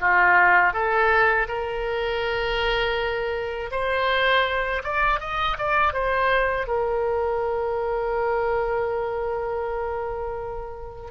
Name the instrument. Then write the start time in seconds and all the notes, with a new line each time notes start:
oboe
0.00 F4
0.73 A4
1.48 A#4
3.71 C5
4.84 D5
5.20 D#5
5.58 D5
5.94 C5
6.68 A#4